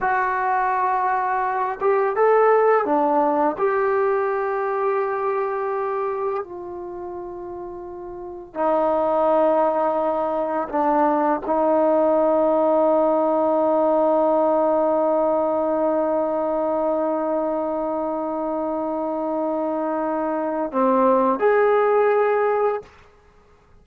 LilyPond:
\new Staff \with { instrumentName = "trombone" } { \time 4/4 \tempo 4 = 84 fis'2~ fis'8 g'8 a'4 | d'4 g'2.~ | g'4 f'2. | dis'2. d'4 |
dis'1~ | dis'1~ | dis'1~ | dis'4 c'4 gis'2 | }